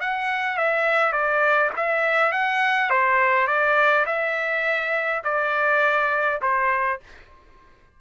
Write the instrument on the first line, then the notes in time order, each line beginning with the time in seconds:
trumpet
0.00 F#5
0.57 E5
1.12 D5
1.76 E5
2.32 F#5
2.90 C5
3.47 D5
4.06 E5
5.24 D5
6.42 C5